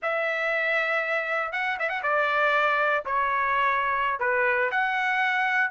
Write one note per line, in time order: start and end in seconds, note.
0.02 1.52 E5
1.52 1.77 F#5
1.79 1.89 E5
1.89 2.02 F#5
2.02 3.04 D5
3.05 4.19 C#5
4.19 4.70 B4
4.71 5.70 F#5